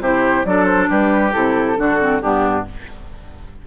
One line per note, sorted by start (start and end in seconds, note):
0.00 0.44 C3
0.00 0.46 E4
0.00 0.46 G4
0.00 0.45 C5
0.45 0.89 F#3
0.45 1.32 D4
0.45 0.89 A4
0.45 0.65 D5
0.65 0.87 C5
0.89 1.34 G3
0.89 1.77 G4
0.89 1.32 B4
1.32 1.79 C3
1.32 1.76 E4
1.32 2.21 A4
1.76 2.23 D3
1.76 1.98 D4
1.76 2.22 F#4
1.99 2.21 C4
2.21 2.67 G2
2.21 2.66 B3
2.21 2.66 D4
2.21 2.65 G4